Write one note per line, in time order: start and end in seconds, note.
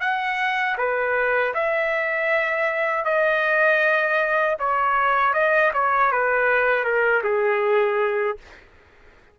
0.00 0.76 F#5
0.77 1.53 B4
1.54 3.04 E5
3.04 4.56 D#5
4.59 5.33 C#5
5.33 5.71 D#5
5.73 6.11 C#5
6.11 6.84 B4
6.84 7.22 A#4
7.23 8.37 G#4